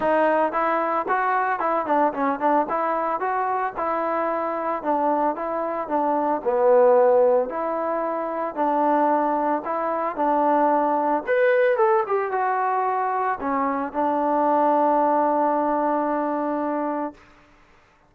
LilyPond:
\new Staff \with { instrumentName = "trombone" } { \time 4/4 \tempo 4 = 112 dis'4 e'4 fis'4 e'8 d'8 | cis'8 d'8 e'4 fis'4 e'4~ | e'4 d'4 e'4 d'4 | b2 e'2 |
d'2 e'4 d'4~ | d'4 b'4 a'8 g'8 fis'4~ | fis'4 cis'4 d'2~ | d'1 | }